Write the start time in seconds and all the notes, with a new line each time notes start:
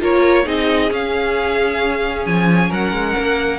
0.00 A#3 F4 A#4 C#5
0.44 C4 D#4 G#4 D#5
0.91 C#4 F5
2.26 F3 G#5
2.69 F#3 A#4 F#5
2.92 G#3
3.19 A#3